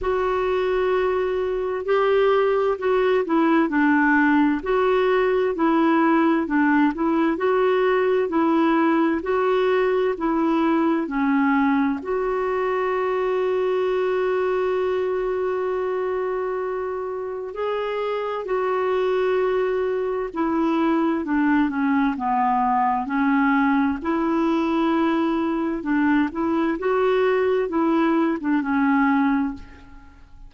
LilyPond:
\new Staff \with { instrumentName = "clarinet" } { \time 4/4 \tempo 4 = 65 fis'2 g'4 fis'8 e'8 | d'4 fis'4 e'4 d'8 e'8 | fis'4 e'4 fis'4 e'4 | cis'4 fis'2.~ |
fis'2. gis'4 | fis'2 e'4 d'8 cis'8 | b4 cis'4 e'2 | d'8 e'8 fis'4 e'8. d'16 cis'4 | }